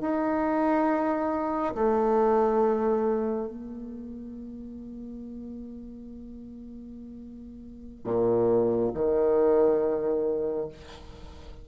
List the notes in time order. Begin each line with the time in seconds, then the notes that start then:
0.00 D#4
1.74 A3
3.47 A#3
8.04 A#2
8.94 D#3